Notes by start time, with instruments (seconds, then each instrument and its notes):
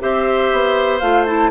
0.00 bassoon C4, clarinet G4, oboe C5, flute E5
0.53 bassoon B3
1.00 bassoon A3, clarinet F4, flute F5
1.26 clarinet E4, flute A5